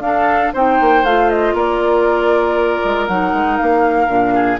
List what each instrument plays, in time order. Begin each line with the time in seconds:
0.00 bassoon D4, clarinet D4, oboe A4, flute F5
0.53 bassoon C4, clarinet D#4, oboe C5, flute G5
0.80 bassoon A#3
1.03 bassoon A3, clarinet F4, flute F5
1.30 flute D#5
1.53 bassoon A#3, oboe A#4, flute D5
2.84 bassoon G#3
3.07 bassoon F#3, clarinet D#4, flute F#5
3.33 bassoon G#3
3.57 bassoon A#3, flute F5
4.07 bassoon A#2, clarinet D4
4.34 oboe G#4